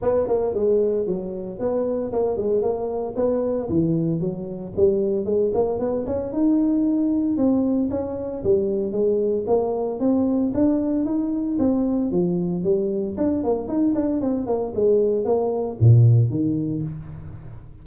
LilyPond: \new Staff \with { instrumentName = "tuba" } { \time 4/4 \tempo 4 = 114 b8 ais8 gis4 fis4 b4 | ais8 gis8 ais4 b4 e4 | fis4 g4 gis8 ais8 b8 cis'8 | dis'2 c'4 cis'4 |
g4 gis4 ais4 c'4 | d'4 dis'4 c'4 f4 | g4 d'8 ais8 dis'8 d'8 c'8 ais8 | gis4 ais4 ais,4 dis4 | }